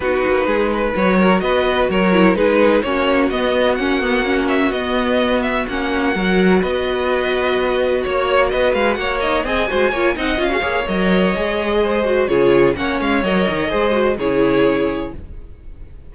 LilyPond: <<
  \new Staff \with { instrumentName = "violin" } { \time 4/4 \tempo 4 = 127 b'2 cis''4 dis''4 | cis''4 b'4 cis''4 dis''4 | fis''4. e''8 dis''4. e''8 | fis''2 dis''2~ |
dis''4 cis''4 dis''8 f''8 fis''8 dis''8 | gis''4. fis''8 f''4 dis''4~ | dis''2 cis''4 fis''8 f''8 | dis''2 cis''2 | }
  \new Staff \with { instrumentName = "violin" } { \time 4/4 fis'4 gis'8 b'4 ais'8 b'4 | ais'4 gis'4 fis'2~ | fis'1~ | fis'4 ais'4 b'2~ |
b'4 cis''4 b'4 cis''4 | dis''8 c''8 cis''8 dis''8. gis'16 cis''4.~ | cis''4 c''4 gis'4 cis''4~ | cis''4 c''4 gis'2 | }
  \new Staff \with { instrumentName = "viola" } { \time 4/4 dis'2 fis'2~ | fis'8 e'8 dis'4 cis'4 b4 | cis'8 b8 cis'4 b2 | cis'4 fis'2.~ |
fis'2.~ fis'8 dis'8 | gis'8 fis'8 f'8 dis'8 f'16 fis'16 gis'8 ais'4 | gis'4. fis'8 f'4 cis'4 | ais'4 gis'8 fis'8 e'2 | }
  \new Staff \with { instrumentName = "cello" } { \time 4/4 b8 ais8 gis4 fis4 b4 | fis4 gis4 ais4 b4 | ais2 b2 | ais4 fis4 b2~ |
b4 ais4 b8 gis8 ais4 | c'8 gis8 ais8 c'8 cis'8 ais8 fis4 | gis2 cis4 ais8 gis8 | fis8 dis8 gis4 cis2 | }
>>